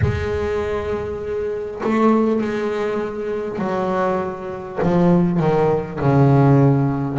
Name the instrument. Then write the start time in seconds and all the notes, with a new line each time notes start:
double bass
0.01 G#3
1.83 A3
2.41 G#3
3.58 F#3
4.82 F3
5.39 D#3
6.00 C#3